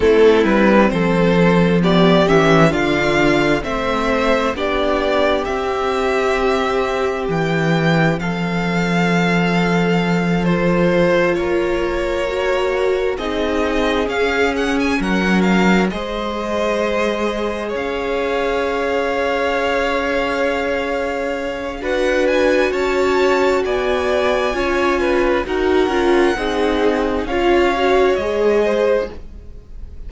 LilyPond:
<<
  \new Staff \with { instrumentName = "violin" } { \time 4/4 \tempo 4 = 66 a'8 b'8 c''4 d''8 e''8 f''4 | e''4 d''4 e''2 | g''4 f''2~ f''8 c''8~ | c''8 cis''2 dis''4 f''8 |
fis''16 gis''16 fis''8 f''8 dis''2 f''8~ | f''1 | fis''8 gis''8 a''4 gis''2 | fis''2 f''4 dis''4 | }
  \new Staff \with { instrumentName = "violin" } { \time 4/4 e'4 a'4 g'4 f'4 | c''4 g'2.~ | g'4 a'2.~ | a'8 ais'2 gis'4.~ |
gis'8 ais'4 c''2 cis''8~ | cis''1 | b'4 cis''4 d''4 cis''8 b'8 | ais'4 gis'4 cis''4. c''8 | }
  \new Staff \with { instrumentName = "viola" } { \time 4/4 c'2 b8 cis'8 d'4 | c'4 d'4 c'2~ | c'2.~ c'8 f'8~ | f'4. fis'4 dis'4 cis'8~ |
cis'4. gis'2~ gis'8~ | gis'1 | fis'2. f'4 | fis'8 f'8 dis'4 f'8 fis'8 gis'4 | }
  \new Staff \with { instrumentName = "cello" } { \time 4/4 a8 g8 f4. e8 d4 | a4 b4 c'2 | e4 f2.~ | f8 ais2 c'4 cis'8~ |
cis'8 fis4 gis2 cis'8~ | cis'1 | d'4 cis'4 b4 cis'4 | dis'8 cis'8 c'4 cis'4 gis4 | }
>>